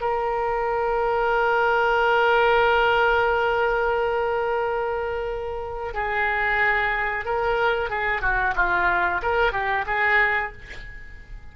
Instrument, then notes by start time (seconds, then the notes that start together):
oboe
0.00 A#4
5.93 G#4
7.25 A#4
7.89 G#4
8.21 F#4
8.55 F4
9.22 A#4
9.52 G4
9.86 G#4